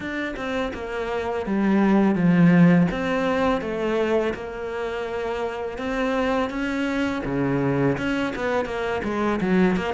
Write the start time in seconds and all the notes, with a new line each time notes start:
0.00 D4
0.36 C4
0.73 A#3
1.46 G3
2.15 F3
2.91 C4
3.61 A3
4.34 A#3
5.78 C4
6.50 C#4
7.25 C#3
7.97 C#4
8.35 B3
8.65 A#3
9.04 G#3
9.40 F#3
9.76 A#3